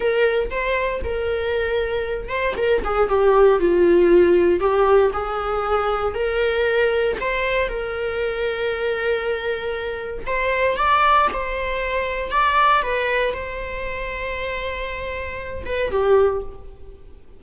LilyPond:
\new Staff \with { instrumentName = "viola" } { \time 4/4 \tempo 4 = 117 ais'4 c''4 ais'2~ | ais'8 c''8 ais'8 gis'8 g'4 f'4~ | f'4 g'4 gis'2 | ais'2 c''4 ais'4~ |
ais'1 | c''4 d''4 c''2 | d''4 b'4 c''2~ | c''2~ c''8 b'8 g'4 | }